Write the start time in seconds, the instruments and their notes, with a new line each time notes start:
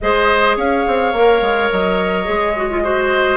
0.00 bassoon G#3, clarinet G#4, oboe C5, flute D#5
0.56 bassoon C#4, oboe C#5, flute F5
0.87 bassoon C4
1.12 bassoon A#3, clarinet A#4
1.41 bassoon G#3
1.70 bassoon F#3, flute D#5
2.24 bassoon G#3, clarinet G#4
2.55 clarinet F#4
2.70 clarinet F4
2.83 clarinet F#4, oboe C5